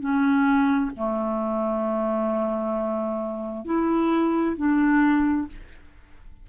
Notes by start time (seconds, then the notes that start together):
0.00 C#4
0.96 A3
3.65 E4
4.57 D4